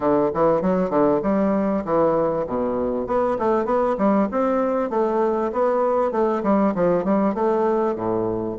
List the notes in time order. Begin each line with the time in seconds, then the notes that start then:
0.00 D3
0.33 E3
0.61 F#3
0.90 D3
1.22 G3
1.84 E3
2.46 B2
3.06 B3
3.38 A3
3.65 B3
3.98 G3
4.31 C4
4.90 A3
5.52 B3
6.11 A3
6.43 G3
6.74 F3
7.04 G3
7.34 A3
7.95 A2